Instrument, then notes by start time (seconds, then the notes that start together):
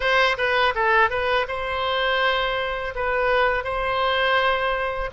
oboe
0.00 C5
0.37 B4
0.75 A4
1.10 B4
1.48 C5
2.95 B4
3.64 C5